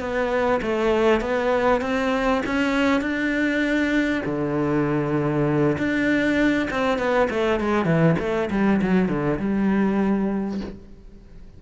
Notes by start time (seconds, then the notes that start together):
0.00 B3
0.62 A3
1.21 B3
1.82 C4
2.46 C#4
3.01 D4
4.26 D3
5.78 D4
6.71 C4
6.98 B3
7.30 A3
7.60 G#3
7.85 E3
8.20 A3
8.51 G3
8.82 F#3
9.09 D3
9.39 G3